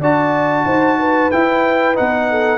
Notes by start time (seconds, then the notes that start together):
0.00 D4 F#4 D5 A5
0.66 D#4 C5
1.00 B4
1.32 E4 G5
1.95 B3 D#4 F#5
2.31 A4